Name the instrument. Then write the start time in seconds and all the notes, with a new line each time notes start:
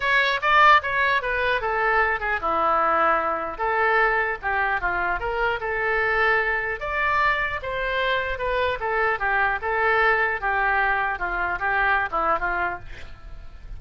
oboe
0.00 C#5
0.41 D5
0.82 C#5
1.22 B4
1.61 A4
2.19 G#4
2.40 E4
3.58 A4
4.42 G4
4.81 F4
5.19 A#4
5.60 A4
6.80 D5
7.62 C5
8.38 B4
8.79 A4
9.19 G4
9.61 A4
10.40 G4
11.19 F4
11.59 G4
12.11 E4
12.39 F4